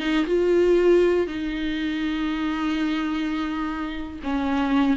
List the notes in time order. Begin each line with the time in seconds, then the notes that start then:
0.00 D#4
0.26 F4
1.27 D#4
4.24 C#4